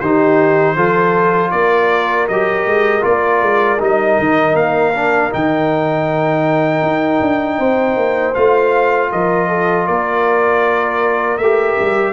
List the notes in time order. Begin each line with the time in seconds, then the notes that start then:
0.00 D#3 D#4 G4 C5
0.76 F3 F4 A4
1.51 A#3 A#4 D5
2.28 F#3 G4 D#5
2.66 G#3
3.02 A#3 F4 D5
3.42 G#3
3.80 G3 D#4 D#5
4.19 D#3
4.55 A#3 F5
4.95 D4
5.31 D#3 D#4 G5
6.82 D#4
7.22 D4
7.59 C4 C5
7.97 A#3
8.35 A3 F4 F5
9.12 F3 A#4 D#5
9.49 A4
9.87 A#3 A#4 D5
11.38 A3 G4 E5
11.80 G3